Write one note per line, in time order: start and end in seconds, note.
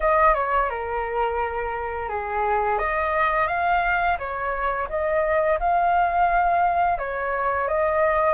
0.00 0.34 D#5
0.34 0.69 C#5
0.69 2.08 A#4
2.08 2.78 G#4
2.78 3.47 D#5
3.47 4.17 F5
4.18 4.88 C#5
4.89 5.58 D#5
5.59 6.98 F5
6.98 7.67 C#5
7.67 8.33 D#5